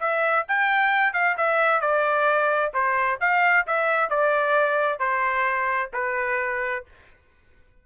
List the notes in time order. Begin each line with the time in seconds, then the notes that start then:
0.00 E5
0.48 G5
1.13 F5
1.38 E5
1.81 D5
2.74 C5
3.21 F5
3.67 E5
4.10 D5
4.99 C5
5.93 B4